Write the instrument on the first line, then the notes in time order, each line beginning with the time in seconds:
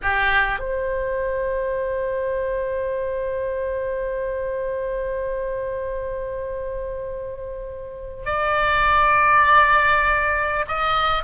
oboe
0.02 G4
0.59 C5
8.25 D5
10.68 D#5